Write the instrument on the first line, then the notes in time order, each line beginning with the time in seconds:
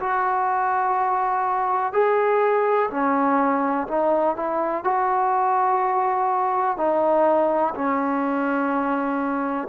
trombone
0.00 F#4
1.93 G#4
2.91 C#4
3.88 D#4
4.36 E4
4.84 F#4
6.77 D#4
7.75 C#4